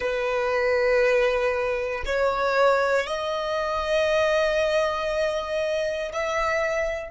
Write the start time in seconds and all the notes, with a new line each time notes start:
0.00 B4
2.05 C#5
3.06 D#5
6.12 E5